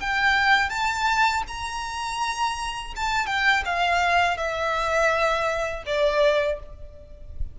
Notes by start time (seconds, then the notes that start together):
0.00 G5
0.70 A5
1.48 A#5
2.96 A5
3.27 G5
3.65 F5
4.37 E5
5.86 D5